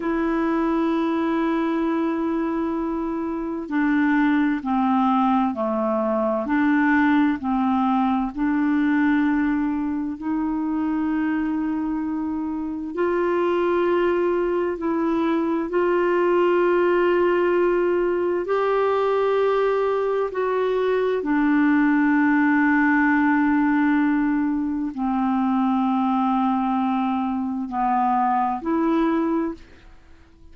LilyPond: \new Staff \with { instrumentName = "clarinet" } { \time 4/4 \tempo 4 = 65 e'1 | d'4 c'4 a4 d'4 | c'4 d'2 dis'4~ | dis'2 f'2 |
e'4 f'2. | g'2 fis'4 d'4~ | d'2. c'4~ | c'2 b4 e'4 | }